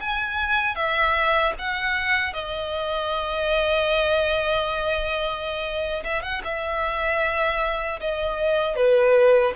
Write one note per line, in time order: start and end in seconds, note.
0.00 0.75 G#5
0.75 1.53 E5
1.59 2.33 F#5
2.33 6.03 D#5
6.04 6.22 E5
6.22 6.41 F#5
6.44 8.00 E5
8.00 8.76 D#5
8.76 9.53 B4